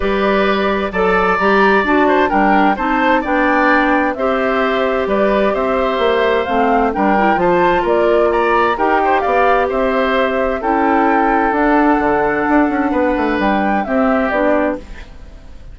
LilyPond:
<<
  \new Staff \with { instrumentName = "flute" } { \time 4/4 \tempo 4 = 130 d''2 a''4 ais''4 | a''4 g''4 a''4 g''4~ | g''4 e''2 d''4 | e''2 f''4 g''4 |
a''4 d''4 ais''4 g''4 | f''4 e''2 g''4~ | g''4 fis''2.~ | fis''4 g''4 e''4 d''4 | }
  \new Staff \with { instrumentName = "oboe" } { \time 4/4 b'2 d''2~ | d''8 c''8 ais'4 c''4 d''4~ | d''4 c''2 b'4 | c''2. ais'4 |
c''4 ais'4 d''4 ais'8 c''8 | d''4 c''2 a'4~ | a'1 | b'2 g'2 | }
  \new Staff \with { instrumentName = "clarinet" } { \time 4/4 g'2 a'4 g'4 | fis'4 d'4 dis'4 d'4~ | d'4 g'2.~ | g'2 c'4 d'8 e'8 |
f'2. g'4~ | g'2. e'4~ | e'4 d'2.~ | d'2 c'4 d'4 | }
  \new Staff \with { instrumentName = "bassoon" } { \time 4/4 g2 fis4 g4 | d'4 g4 c'4 b4~ | b4 c'2 g4 | c'4 ais4 a4 g4 |
f4 ais2 dis'4 | b4 c'2 cis'4~ | cis'4 d'4 d4 d'8 cis'8 | b8 a8 g4 c'4 b4 | }
>>